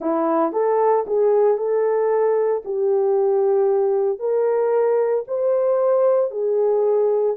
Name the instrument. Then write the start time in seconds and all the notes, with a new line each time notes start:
horn
0.00 E4
0.52 A4
1.06 G#4
1.57 A4
2.65 G4
4.19 A#4
5.27 C5
6.31 G#4